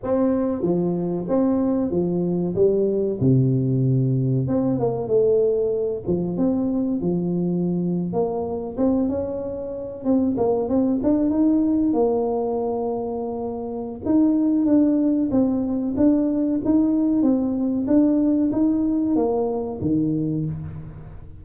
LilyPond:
\new Staff \with { instrumentName = "tuba" } { \time 4/4 \tempo 4 = 94 c'4 f4 c'4 f4 | g4 c2 c'8 ais8 | a4. f8 c'4 f4~ | f8. ais4 c'8 cis'4. c'16~ |
c'16 ais8 c'8 d'8 dis'4 ais4~ ais16~ | ais2 dis'4 d'4 | c'4 d'4 dis'4 c'4 | d'4 dis'4 ais4 dis4 | }